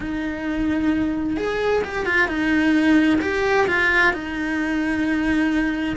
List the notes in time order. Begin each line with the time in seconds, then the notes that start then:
0.00 D#4
1.36 G#4
1.84 G4
2.05 F4
2.28 D#4
3.21 G4
3.67 F4
4.13 D#4